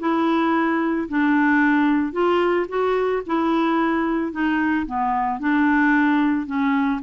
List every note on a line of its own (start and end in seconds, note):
0.00 1.08 E4
1.09 2.12 D4
2.12 2.66 F4
2.69 3.23 F#4
3.27 4.32 E4
4.32 4.86 D#4
4.86 5.40 B3
5.40 6.47 D4
6.47 7.01 C#4